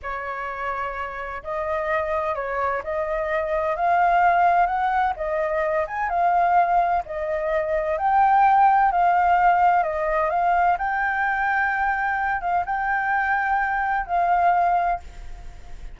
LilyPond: \new Staff \with { instrumentName = "flute" } { \time 4/4 \tempo 4 = 128 cis''2. dis''4~ | dis''4 cis''4 dis''2 | f''2 fis''4 dis''4~ | dis''8 gis''8 f''2 dis''4~ |
dis''4 g''2 f''4~ | f''4 dis''4 f''4 g''4~ | g''2~ g''8 f''8 g''4~ | g''2 f''2 | }